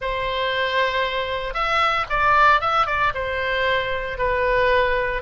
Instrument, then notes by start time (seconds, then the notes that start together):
oboe
0.01 C5
1.53 E5
2.09 D5
2.60 E5
2.86 D5
3.14 C5
4.18 B4